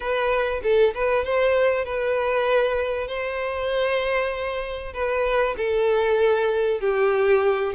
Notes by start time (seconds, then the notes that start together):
0.00 B4
0.63 A4
0.94 B4
1.24 C5
1.84 B4
3.07 C5
4.93 B4
5.57 A4
6.80 G4